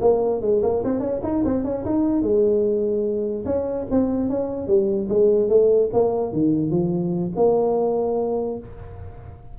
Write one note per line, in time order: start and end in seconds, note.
0.00 0.41 A#3
0.41 0.61 G#3
0.62 0.83 A#3
0.84 1.00 C4
1.00 1.20 C#4
1.23 1.43 D#4
1.44 1.64 C4
1.64 1.84 C#4
1.85 2.22 D#4
2.22 3.44 G#3
3.45 3.86 C#4
3.90 4.29 C4
4.29 4.67 C#4
4.67 5.08 G3
5.09 5.49 G#3
5.49 5.90 A3
5.93 6.32 A#3
6.32 6.70 D#3
6.70 7.32 F3
7.36 8.58 A#3